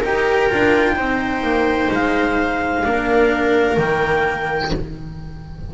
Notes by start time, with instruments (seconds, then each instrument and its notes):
0.00 double bass D#4, cello G4, viola A#4, clarinet G5
0.50 double bass D4, cello F4
0.96 double bass C4, cello D#4, viola C5
1.43 double bass A#3
1.91 double bass G#3, clarinet F5
2.84 double bass A#3, cello D4, viola A#4
3.77 double bass D#3, cello A#3, clarinet G5